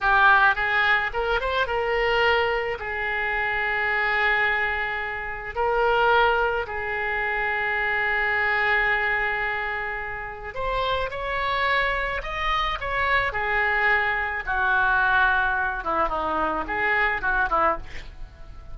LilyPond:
\new Staff \with { instrumentName = "oboe" } { \time 4/4 \tempo 4 = 108 g'4 gis'4 ais'8 c''8 ais'4~ | ais'4 gis'2.~ | gis'2 ais'2 | gis'1~ |
gis'2. c''4 | cis''2 dis''4 cis''4 | gis'2 fis'2~ | fis'8 e'8 dis'4 gis'4 fis'8 e'8 | }